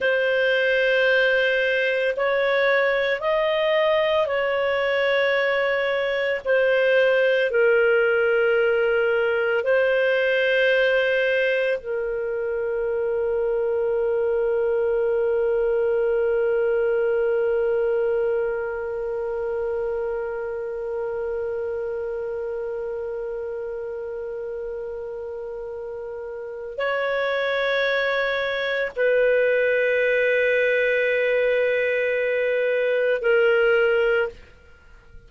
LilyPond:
\new Staff \with { instrumentName = "clarinet" } { \time 4/4 \tempo 4 = 56 c''2 cis''4 dis''4 | cis''2 c''4 ais'4~ | ais'4 c''2 ais'4~ | ais'1~ |
ais'1~ | ais'1~ | ais'4 cis''2 b'4~ | b'2. ais'4 | }